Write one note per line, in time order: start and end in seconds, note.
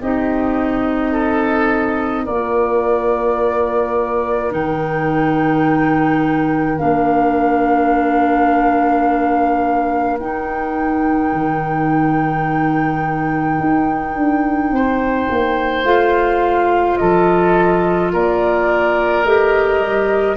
0.00 2.27 C4
0.00 2.27 D#4
0.00 1.12 G4
0.00 2.25 D#5
1.12 2.24 A4
2.24 4.52 A#3
2.24 4.50 F4
2.24 14.70 A#4
2.24 4.52 D5
4.50 6.79 D#3
4.50 6.77 D#4
4.50 6.78 G5
6.78 10.19 A#3
6.78 10.17 D4
6.78 10.18 F5
10.19 11.32 D#4
10.19 15.84 D#4
10.19 15.85 G5
11.32 13.58 D#3
13.60 14.15 D#4
14.15 14.71 D4
14.71 15.27 C4
14.71 17.00 C5
15.30 15.83 A#3
15.83 16.96 A3
15.83 19.24 F4
15.83 16.96 F5
16.96 18.13 F3
16.96 18.12 A4
16.96 18.10 D#5
18.12 19.24 A#3
18.12 20.36 A#4
18.12 19.24 D5
19.24 19.80 A3
19.24 20.36 G4
19.24 20.36 D#5
19.80 20.36 G3